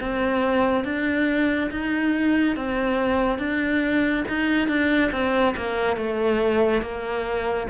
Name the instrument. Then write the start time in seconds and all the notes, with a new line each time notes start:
cello
0.00 C4
0.84 D4
1.71 D#4
2.56 C4
3.39 D4
4.29 D#4
4.68 D4
5.12 C4
5.56 A#3
5.97 A3
6.82 A#3